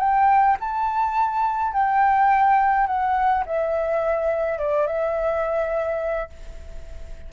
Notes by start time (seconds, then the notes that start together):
0.00 G5
0.60 A5
1.73 G5
2.87 F#5
3.46 E5
4.59 D5
4.87 E5